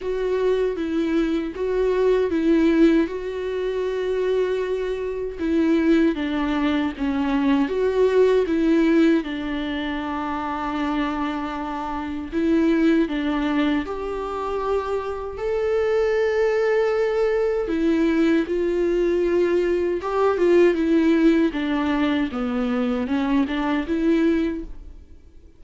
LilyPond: \new Staff \with { instrumentName = "viola" } { \time 4/4 \tempo 4 = 78 fis'4 e'4 fis'4 e'4 | fis'2. e'4 | d'4 cis'4 fis'4 e'4 | d'1 |
e'4 d'4 g'2 | a'2. e'4 | f'2 g'8 f'8 e'4 | d'4 b4 cis'8 d'8 e'4 | }